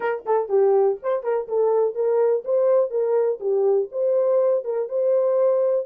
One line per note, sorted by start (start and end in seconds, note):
0.00 0.24 A#4
0.25 0.48 A4
0.48 0.97 G4
1.02 1.23 C5
1.23 1.47 A#4
1.47 1.94 A4
1.94 2.43 A#4
2.44 2.90 C5
2.90 3.39 A#4
3.39 3.88 G4
3.91 4.64 C5
4.64 4.88 A#4
4.88 5.86 C5